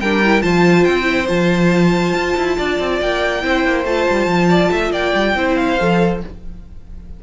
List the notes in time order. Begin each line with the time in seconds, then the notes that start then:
0.00 G3 D4 A#4 G5
0.24 E4
0.42 F3 F4 C5 A5
0.84 C4 G5
1.03 E4
1.27 F3 F4 A5
2.14 F4
2.37 E4
2.57 D4 D5
2.80 C4
3.01 A#3 G5
3.41 C4 E4 C5
3.65 A#3
3.84 A3 F4 A5
4.10 G3
4.27 F3
4.49 D5
4.72 A3 E5
4.91 A#3 D5 G5
5.15 G3
5.35 C4 E4 C5
5.56 F5
5.79 F3 A4